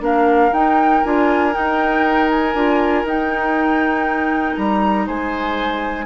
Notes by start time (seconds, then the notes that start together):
0.00 A#3 D4 A#4 F5
0.51 D#4 G5
1.03 D4 F4 G#5
1.52 D#4 G5
2.30 G#5
2.54 D4 F4
3.04 D#4 G5
4.56 G3 A#5
5.06 G#3 C5 G#5